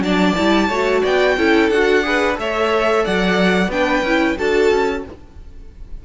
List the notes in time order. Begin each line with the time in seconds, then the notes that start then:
0.00 F#3 D4 D5 A5
0.35 G3 E4
0.68 A3 F#4 C#5
1.02 B3 D5 G5
1.37 C#4 E4 A4
1.70 D4 F#4 F#5
2.03 G#4 B4
2.36 A3 A4 C#5 E5
3.04 F#3 D5 F#5
3.68 B3 D4 B4 G5
4.02 C#4 E4
4.37 D4 F#4 A4 A5
4.71 C#4